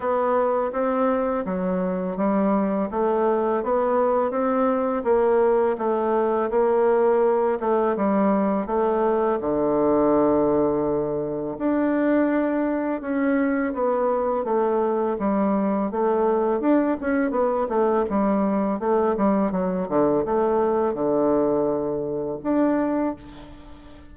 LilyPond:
\new Staff \with { instrumentName = "bassoon" } { \time 4/4 \tempo 4 = 83 b4 c'4 fis4 g4 | a4 b4 c'4 ais4 | a4 ais4. a8 g4 | a4 d2. |
d'2 cis'4 b4 | a4 g4 a4 d'8 cis'8 | b8 a8 g4 a8 g8 fis8 d8 | a4 d2 d'4 | }